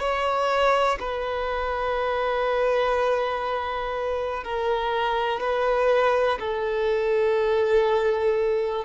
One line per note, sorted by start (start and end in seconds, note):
0.00 0.98 C#5
1.00 4.44 B4
4.44 5.40 A#4
5.40 6.38 B4
6.39 8.85 A4